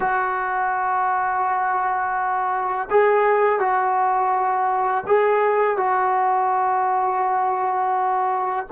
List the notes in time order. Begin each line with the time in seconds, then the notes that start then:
0.00 F#4
2.90 G#4
3.59 F#4
5.06 G#4
5.77 F#4